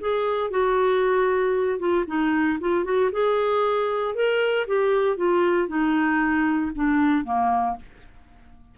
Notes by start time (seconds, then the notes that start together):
0.00 G#4
0.50 F#4
1.79 F4
2.07 D#4
2.61 F4
2.84 F#4
3.12 G#4
4.15 A#4
4.67 G4
5.17 F4
5.68 D#4
6.75 D4
7.25 A#3